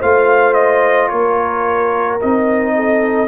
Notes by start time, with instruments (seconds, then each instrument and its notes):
0.00 tuba A3, trombone F4, horn C5, trumpet F5
0.54 trumpet D#5
1.09 tuba A#3, horn A#4, trumpet C#5
2.21 tuba C4, trombone D#4, trumpet D#5
2.76 horn A4